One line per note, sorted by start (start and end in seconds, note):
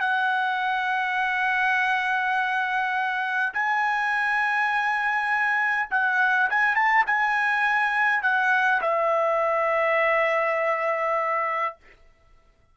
0.00 3.53 F#5
3.53 5.89 G#5
5.90 6.49 F#5
6.50 6.75 G#5
6.75 7.05 A5
7.06 8.22 G#5
8.22 8.81 F#5
8.82 11.76 E5